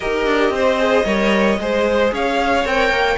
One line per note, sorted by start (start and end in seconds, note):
0.00 0.26 D#4
0.00 0.78 G4
0.00 0.53 A#4
0.00 2.11 D#5
0.26 0.50 D4
0.50 1.03 C4
0.50 1.05 C5
0.78 1.05 G#4
1.05 1.58 G3
1.05 1.59 A#4
1.05 1.58 C#5
1.58 2.11 G#3
1.58 2.64 G#4
1.58 2.13 C5
2.12 2.64 C#4
2.12 3.18 C#5
2.12 2.67 F5
2.64 2.90 C4
2.64 3.17 A#4
2.64 3.18 G5
2.90 3.16 A#3